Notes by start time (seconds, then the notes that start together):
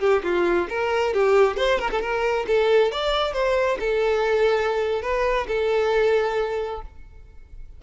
0.00 G4
0.23 F4
0.69 A#4
1.13 G4
1.57 C5
1.79 A#4
1.91 A4
2.01 A#4
2.47 A4
2.91 D5
3.33 C5
3.80 A4
5.02 B4
5.48 A4